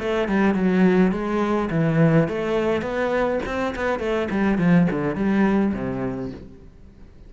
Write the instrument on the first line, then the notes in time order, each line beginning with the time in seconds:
cello
0.00 A3
0.29 G3
0.55 F#3
1.12 G#3
1.71 E3
2.29 A3
2.82 B3
3.46 C4
3.76 B3
4.00 A3
4.31 G3
4.59 F3
4.91 D3
5.16 G3
5.74 C3